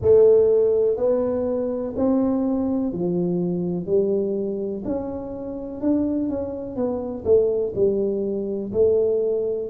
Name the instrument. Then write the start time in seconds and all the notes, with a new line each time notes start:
tuba
0.01 A3
0.96 B3
1.96 C4
2.92 F3
3.85 G3
4.84 C#4
5.80 D4
6.29 C#4
6.75 B3
7.24 A3
7.75 G3
8.72 A3